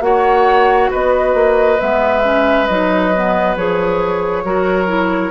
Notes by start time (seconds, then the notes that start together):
0.00 A#3 F#4 C#5 F#5
0.90 B3 B4 D#5
1.33 A#3
1.78 G#3 B3 E5
2.23 C#4
2.67 F#3 D#4 D#5
3.14 B3
3.56 F3 G#4 C#5
4.44 F#3 F#4 A#4
4.86 E4